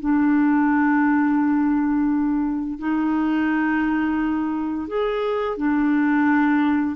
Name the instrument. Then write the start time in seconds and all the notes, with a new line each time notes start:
clarinet
0.00 D4
2.79 D#4
4.88 G#4
5.58 D4